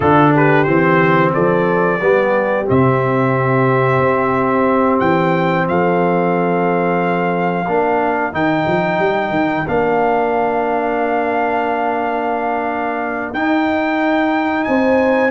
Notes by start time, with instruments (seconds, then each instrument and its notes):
0.00 tuba D3, trombone D4, horn F4, trumpet A4
0.34 horn G4, trumpet B4
0.63 tuba E3, trombone C4, trumpet C5
1.34 tuba F3, horn A4, trumpet D5
2.01 tuba G3, trombone B3, horn G4
2.65 tuba C3, trombone C4, trumpet E5
3.99 tuba C4
4.99 tuba E3, trumpet G5
5.67 tuba F3, horn A4, trumpet F5
7.66 tuba A#3, trombone D4, horn A#4
8.32 tuba D#3, trombone D#4, trumpet G5
8.66 tuba F3
8.98 tuba G3
9.29 tuba D#3
9.67 tuba A#3, trombone D4, trumpet F5
13.33 tuba D#4, trombone D#4, trumpet G5
14.64 tuba C4, horn C5, trumpet G#5